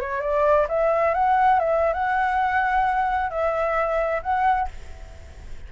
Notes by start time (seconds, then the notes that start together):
0.00 C#5
0.21 D5
0.68 E5
1.14 F#5
1.59 E5
1.93 F#5
3.30 E5
4.22 F#5